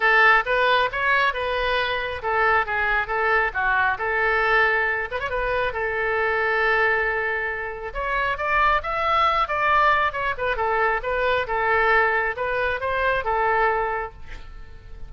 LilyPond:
\new Staff \with { instrumentName = "oboe" } { \time 4/4 \tempo 4 = 136 a'4 b'4 cis''4 b'4~ | b'4 a'4 gis'4 a'4 | fis'4 a'2~ a'8 b'16 cis''16 | b'4 a'2.~ |
a'2 cis''4 d''4 | e''4. d''4. cis''8 b'8 | a'4 b'4 a'2 | b'4 c''4 a'2 | }